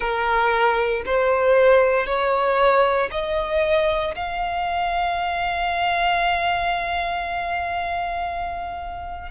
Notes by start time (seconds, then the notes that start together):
0.00 A#4
1.05 C5
2.06 C#5
3.11 D#5
4.15 F5